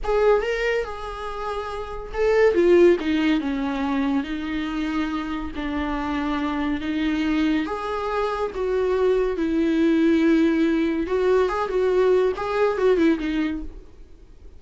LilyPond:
\new Staff \with { instrumentName = "viola" } { \time 4/4 \tempo 4 = 141 gis'4 ais'4 gis'2~ | gis'4 a'4 f'4 dis'4 | cis'2 dis'2~ | dis'4 d'2. |
dis'2 gis'2 | fis'2 e'2~ | e'2 fis'4 gis'8 fis'8~ | fis'4 gis'4 fis'8 e'8 dis'4 | }